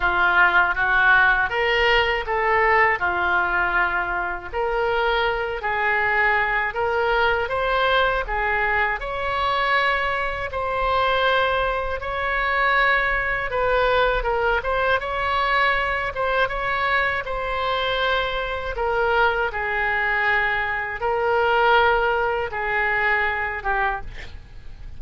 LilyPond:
\new Staff \with { instrumentName = "oboe" } { \time 4/4 \tempo 4 = 80 f'4 fis'4 ais'4 a'4 | f'2 ais'4. gis'8~ | gis'4 ais'4 c''4 gis'4 | cis''2 c''2 |
cis''2 b'4 ais'8 c''8 | cis''4. c''8 cis''4 c''4~ | c''4 ais'4 gis'2 | ais'2 gis'4. g'8 | }